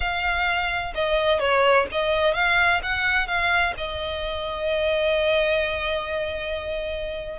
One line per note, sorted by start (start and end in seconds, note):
0.00 0.93 F5
0.94 1.39 D#5
1.39 1.86 C#5
1.91 2.34 D#5
2.34 2.81 F5
2.82 3.27 F#5
3.27 3.74 F5
3.77 7.39 D#5